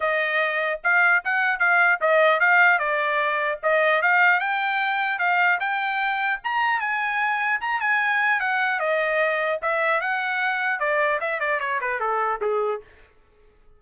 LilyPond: \new Staff \with { instrumentName = "trumpet" } { \time 4/4 \tempo 4 = 150 dis''2 f''4 fis''4 | f''4 dis''4 f''4 d''4~ | d''4 dis''4 f''4 g''4~ | g''4 f''4 g''2 |
ais''4 gis''2 ais''8 gis''8~ | gis''4 fis''4 dis''2 | e''4 fis''2 d''4 | e''8 d''8 cis''8 b'8 a'4 gis'4 | }